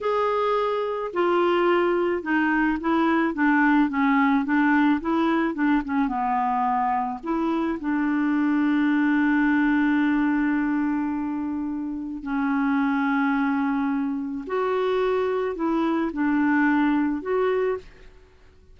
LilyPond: \new Staff \with { instrumentName = "clarinet" } { \time 4/4 \tempo 4 = 108 gis'2 f'2 | dis'4 e'4 d'4 cis'4 | d'4 e'4 d'8 cis'8 b4~ | b4 e'4 d'2~ |
d'1~ | d'2 cis'2~ | cis'2 fis'2 | e'4 d'2 fis'4 | }